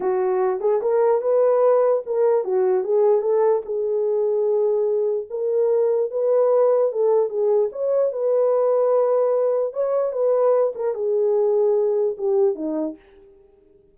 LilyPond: \new Staff \with { instrumentName = "horn" } { \time 4/4 \tempo 4 = 148 fis'4. gis'8 ais'4 b'4~ | b'4 ais'4 fis'4 gis'4 | a'4 gis'2.~ | gis'4 ais'2 b'4~ |
b'4 a'4 gis'4 cis''4 | b'1 | cis''4 b'4. ais'8 gis'4~ | gis'2 g'4 dis'4 | }